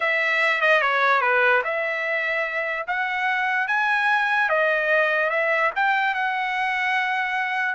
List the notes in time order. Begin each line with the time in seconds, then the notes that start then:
0.00 E5
0.61 D#5
0.81 C#5
1.21 B4
1.64 E5
2.87 F#5
3.67 G#5
4.49 D#5
5.30 E5
5.75 G5
6.14 F#5